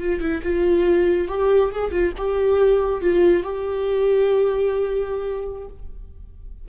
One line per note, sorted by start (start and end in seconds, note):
0.00 0.20 F4
0.20 0.42 E4
0.43 1.28 F4
1.28 1.71 G4
1.72 1.91 G#4
1.91 2.13 F4
2.17 3.02 G4
3.02 3.43 F4
3.43 5.68 G4